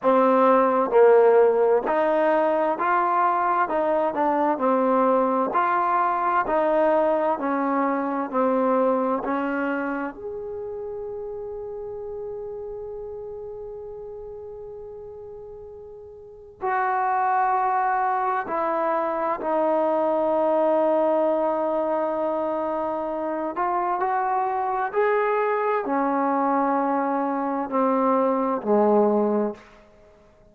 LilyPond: \new Staff \with { instrumentName = "trombone" } { \time 4/4 \tempo 4 = 65 c'4 ais4 dis'4 f'4 | dis'8 d'8 c'4 f'4 dis'4 | cis'4 c'4 cis'4 gis'4~ | gis'1~ |
gis'2 fis'2 | e'4 dis'2.~ | dis'4. f'8 fis'4 gis'4 | cis'2 c'4 gis4 | }